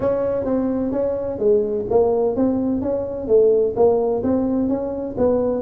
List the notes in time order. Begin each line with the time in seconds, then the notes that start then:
0.00 C#4
0.45 C4
0.91 C#4
1.38 G#3
1.90 A#3
2.36 C4
2.81 C#4
3.27 A3
3.76 A#3
4.23 C4
4.69 C#4
5.17 B3